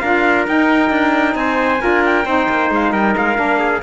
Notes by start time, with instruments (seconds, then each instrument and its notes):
0.00 cello D4, saxophone F4, trumpet A#4 F5
0.47 saxophone D#4, cello D#4, trumpet G5
0.90 cello D4
1.35 cello C4, trumpet C5 G#5
1.79 cello D4, saxophone F4, trumpet A#4
2.06 trumpet G5
2.25 cello C4, saxophone D#4, trumpet C5
2.49 cello A#3
2.71 cello G#3, trumpet F5
2.92 cello G3, trumpet A#4 G5
3.17 cello G#3, trumpet F5
3.35 cello A#3, saxophone D4
3.59 trumpet G#4